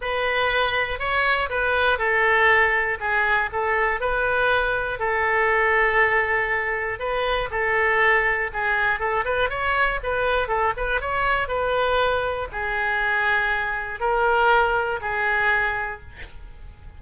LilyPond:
\new Staff \with { instrumentName = "oboe" } { \time 4/4 \tempo 4 = 120 b'2 cis''4 b'4 | a'2 gis'4 a'4 | b'2 a'2~ | a'2 b'4 a'4~ |
a'4 gis'4 a'8 b'8 cis''4 | b'4 a'8 b'8 cis''4 b'4~ | b'4 gis'2. | ais'2 gis'2 | }